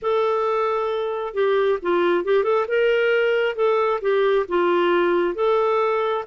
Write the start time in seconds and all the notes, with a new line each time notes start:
0.02 A4
1.34 G4
1.82 F4
2.24 G4
2.43 A4
2.67 A#4
3.55 A4
4.01 G4
4.48 F4
5.34 A4